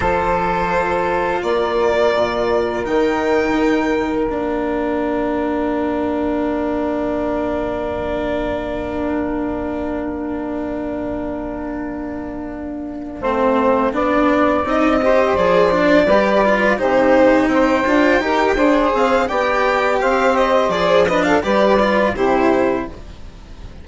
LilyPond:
<<
  \new Staff \with { instrumentName = "violin" } { \time 4/4 \tempo 4 = 84 c''2 d''2 | g''2 f''2~ | f''1~ | f''1~ |
f''1~ | f''8 dis''4 d''2 c''8~ | c''8 g''2 f''8 g''4 | f''8 dis''8 d''8 dis''16 f''16 d''4 c''4 | }
  \new Staff \with { instrumentName = "saxophone" } { \time 4/4 a'2 ais'2~ | ais'1~ | ais'1~ | ais'1~ |
ais'2~ ais'8 c''4 d''8~ | d''4 c''4. b'4 g'8~ | g'8 c''4 ais'8 c''4 d''4 | c''4. b'16 a'16 b'4 g'4 | }
  \new Staff \with { instrumentName = "cello" } { \time 4/4 f'1 | dis'2 d'2~ | d'1~ | d'1~ |
d'2~ d'8 c'4 d'8~ | d'8 dis'8 g'8 gis'8 d'8 g'8 f'8 dis'8~ | dis'4 f'8 g'8 gis'4 g'4~ | g'4 gis'8 d'8 g'8 f'8 e'4 | }
  \new Staff \with { instrumentName = "bassoon" } { \time 4/4 f2 ais4 ais,4 | dis2 ais2~ | ais1~ | ais1~ |
ais2~ ais8 a4 b8~ | b8 c'4 f4 g4 c8~ | c8 c'8 d'8 dis'8 d'8 c'8 b4 | c'4 f4 g4 c4 | }
>>